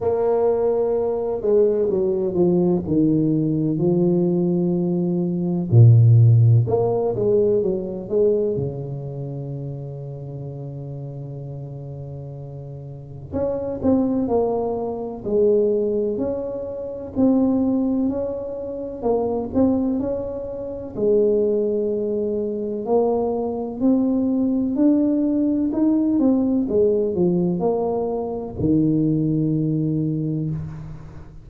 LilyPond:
\new Staff \with { instrumentName = "tuba" } { \time 4/4 \tempo 4 = 63 ais4. gis8 fis8 f8 dis4 | f2 ais,4 ais8 gis8 | fis8 gis8 cis2.~ | cis2 cis'8 c'8 ais4 |
gis4 cis'4 c'4 cis'4 | ais8 c'8 cis'4 gis2 | ais4 c'4 d'4 dis'8 c'8 | gis8 f8 ais4 dis2 | }